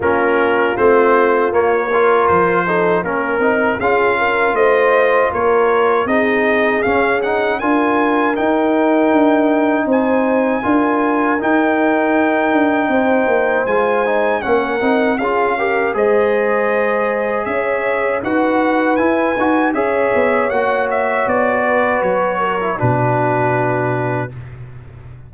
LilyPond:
<<
  \new Staff \with { instrumentName = "trumpet" } { \time 4/4 \tempo 4 = 79 ais'4 c''4 cis''4 c''4 | ais'4 f''4 dis''4 cis''4 | dis''4 f''8 fis''8 gis''4 g''4~ | g''4 gis''2 g''4~ |
g''2 gis''4 fis''4 | f''4 dis''2 e''4 | fis''4 gis''4 e''4 fis''8 e''8 | d''4 cis''4 b'2 | }
  \new Staff \with { instrumentName = "horn" } { \time 4/4 f'2~ f'8 ais'4 a'8 | ais'4 gis'8 ais'8 c''4 ais'4 | gis'2 ais'2~ | ais'4 c''4 ais'2~ |
ais'4 c''2 ais'4 | gis'8 ais'8 c''2 cis''4 | b'2 cis''2~ | cis''8 b'4 ais'8 fis'2 | }
  \new Staff \with { instrumentName = "trombone" } { \time 4/4 cis'4 c'4 ais8 f'4 dis'8 | cis'8 dis'8 f'2. | dis'4 cis'8 dis'8 f'4 dis'4~ | dis'2 f'4 dis'4~ |
dis'2 f'8 dis'8 cis'8 dis'8 | f'8 g'8 gis'2. | fis'4 e'8 fis'8 gis'4 fis'4~ | fis'4.~ fis'16 e'16 d'2 | }
  \new Staff \with { instrumentName = "tuba" } { \time 4/4 ais4 a4 ais4 f4 | ais8 c'8 cis'4 a4 ais4 | c'4 cis'4 d'4 dis'4 | d'4 c'4 d'4 dis'4~ |
dis'8 d'8 c'8 ais8 gis4 ais8 c'8 | cis'4 gis2 cis'4 | dis'4 e'8 dis'8 cis'8 b8 ais4 | b4 fis4 b,2 | }
>>